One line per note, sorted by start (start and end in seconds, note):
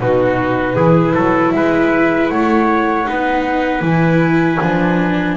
0.00 0.76 B2
0.00 0.77 D#4
0.00 0.75 F#4
0.00 1.52 B4
0.75 1.15 E3
0.75 3.06 E4
0.75 1.14 G#4
1.15 1.53 F#3
1.15 1.53 A4
1.52 2.30 G#3
1.52 2.32 B4
1.52 2.29 E5
2.29 3.07 A3
2.29 3.09 C#5
2.29 3.83 F#5
3.06 3.82 B3
3.06 3.82 D#4
3.06 5.37 B4
3.82 4.58 E3
3.82 4.59 E4
3.82 5.37 G#5
4.62 5.37 F3
4.62 5.37 D4